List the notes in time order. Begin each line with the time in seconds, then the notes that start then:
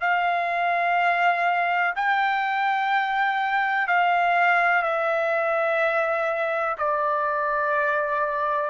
0.00 F5
1.95 G5
3.87 F5
4.82 E5
6.78 D5